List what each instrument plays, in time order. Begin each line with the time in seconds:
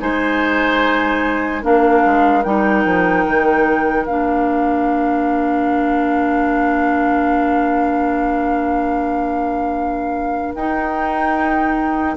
0.00 bassoon G#3, clarinet D#4, oboe C5, flute G#5
1.63 bassoon A#3, clarinet D4, oboe A#4, flute F5
2.06 bassoon G#3
2.44 bassoon G3, clarinet D#4, flute G5
2.85 bassoon F3
3.26 bassoon D#3
4.06 bassoon A#3, clarinet D4, flute F5
10.55 bassoon D#4, clarinet D#4, flute G5